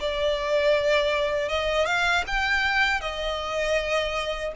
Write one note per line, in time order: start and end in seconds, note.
0.00 1.49 D5
1.49 1.86 D#5
1.86 2.24 F5
2.27 3.01 G5
3.01 4.53 D#5